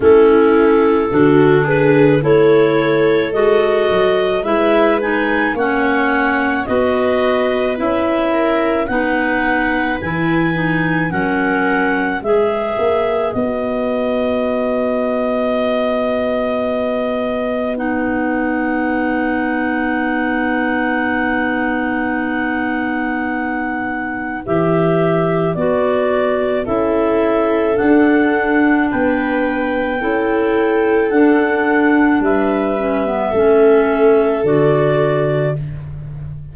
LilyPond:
<<
  \new Staff \with { instrumentName = "clarinet" } { \time 4/4 \tempo 4 = 54 a'4. b'8 cis''4 dis''4 | e''8 gis''8 fis''4 dis''4 e''4 | fis''4 gis''4 fis''4 e''4 | dis''1 |
fis''1~ | fis''2 e''4 d''4 | e''4 fis''4 g''2 | fis''4 e''2 d''4 | }
  \new Staff \with { instrumentName = "viola" } { \time 4/4 e'4 fis'8 gis'8 a'2 | b'4 cis''4 b'4. ais'8 | b'2 ais'4 b'4~ | b'1~ |
b'1~ | b'1 | a'2 b'4 a'4~ | a'4 b'4 a'2 | }
  \new Staff \with { instrumentName = "clarinet" } { \time 4/4 cis'4 d'4 e'4 fis'4 | e'8 dis'8 cis'4 fis'4 e'4 | dis'4 e'8 dis'8 cis'4 gis'4 | fis'1 |
dis'1~ | dis'2 g'4 fis'4 | e'4 d'2 e'4 | d'4. cis'16 b16 cis'4 fis'4 | }
  \new Staff \with { instrumentName = "tuba" } { \time 4/4 a4 d4 a4 gis8 fis8 | gis4 ais4 b4 cis'4 | b4 e4 fis4 gis8 ais8 | b1~ |
b1~ | b2 e4 b4 | cis'4 d'4 b4 cis'4 | d'4 g4 a4 d4 | }
>>